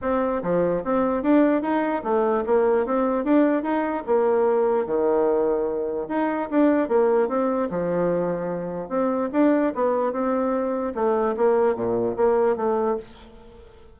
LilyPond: \new Staff \with { instrumentName = "bassoon" } { \time 4/4 \tempo 4 = 148 c'4 f4 c'4 d'4 | dis'4 a4 ais4 c'4 | d'4 dis'4 ais2 | dis2. dis'4 |
d'4 ais4 c'4 f4~ | f2 c'4 d'4 | b4 c'2 a4 | ais4 ais,4 ais4 a4 | }